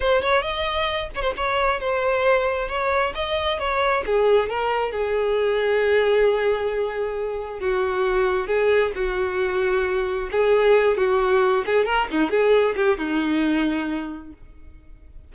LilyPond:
\new Staff \with { instrumentName = "violin" } { \time 4/4 \tempo 4 = 134 c''8 cis''8 dis''4. cis''16 c''16 cis''4 | c''2 cis''4 dis''4 | cis''4 gis'4 ais'4 gis'4~ | gis'1~ |
gis'4 fis'2 gis'4 | fis'2. gis'4~ | gis'8 fis'4. gis'8 ais'8 dis'8 gis'8~ | gis'8 g'8 dis'2. | }